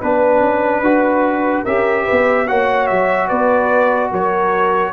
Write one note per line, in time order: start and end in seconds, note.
0.00 0.41 B3
0.00 0.84 D4
0.00 1.63 B4
0.00 1.65 B4
0.41 0.80 C#4
0.80 1.62 D4
0.80 1.66 F#4
1.63 2.07 C#4
1.63 2.47 G4
1.63 2.04 A#4
1.63 2.47 E5
2.04 2.45 B4
2.11 2.50 B3
2.47 2.90 A#3
2.47 4.93 F#4
2.47 3.28 C#5
2.47 2.86 F#5
2.86 3.30 F#3
2.86 3.28 E5
3.28 4.11 B3
3.28 4.10 B4
3.28 4.10 D5
4.10 4.93 F#3
4.10 4.92 A#4
4.10 4.93 C#5